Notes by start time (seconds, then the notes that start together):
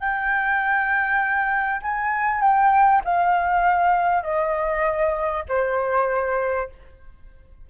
0.00 G5
1.82 G#5
2.41 G5
3.05 F5
4.23 D#5
5.49 C5